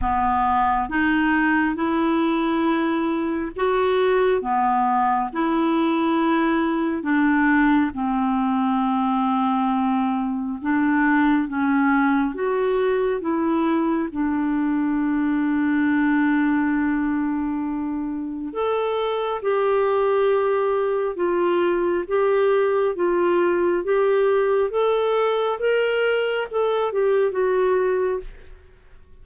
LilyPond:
\new Staff \with { instrumentName = "clarinet" } { \time 4/4 \tempo 4 = 68 b4 dis'4 e'2 | fis'4 b4 e'2 | d'4 c'2. | d'4 cis'4 fis'4 e'4 |
d'1~ | d'4 a'4 g'2 | f'4 g'4 f'4 g'4 | a'4 ais'4 a'8 g'8 fis'4 | }